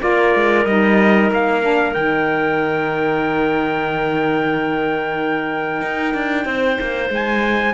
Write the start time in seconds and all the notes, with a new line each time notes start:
0.00 A#3 F4 A#4 D5
0.35 G#3
0.66 G3 D#4 D#5
1.31 A#3 F5
1.62 D4
1.94 D#3 D#4 G5
5.82 D#4
6.15 D4
6.46 C4 C5
6.81 A#3
7.10 G#3 G#5